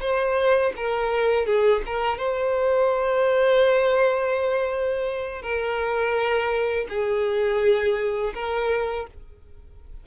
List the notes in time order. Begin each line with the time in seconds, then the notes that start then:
0.00 C5
0.76 A#4
1.46 G#4
1.86 A#4
2.18 C5
5.42 A#4
6.89 G#4
8.34 A#4